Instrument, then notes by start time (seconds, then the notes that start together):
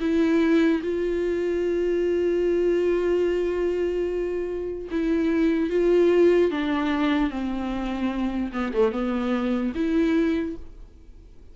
viola
0.00 E4
0.83 F4
4.91 E4
5.70 F4
6.51 D4
7.30 C4
8.52 B3
8.73 A3
8.92 B3
9.75 E4